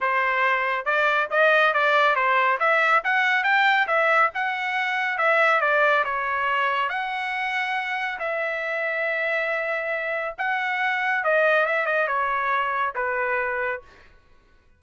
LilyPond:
\new Staff \with { instrumentName = "trumpet" } { \time 4/4 \tempo 4 = 139 c''2 d''4 dis''4 | d''4 c''4 e''4 fis''4 | g''4 e''4 fis''2 | e''4 d''4 cis''2 |
fis''2. e''4~ | e''1 | fis''2 dis''4 e''8 dis''8 | cis''2 b'2 | }